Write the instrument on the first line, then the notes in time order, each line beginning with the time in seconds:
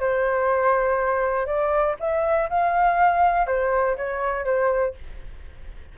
flute
0.00 C5
1.46 D5
1.99 E5
2.50 F5
3.47 C5
3.97 C#5
4.45 C5